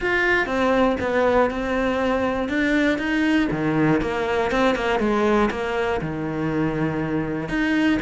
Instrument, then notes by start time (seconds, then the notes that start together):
cello
0.00 F4
0.46 C4
1.00 B3
1.50 C4
2.49 D4
2.98 D#4
3.51 D#3
4.01 A#3
4.51 C4
4.75 A#3
4.99 G#3
5.50 A#3
6.01 D#3
7.48 D#4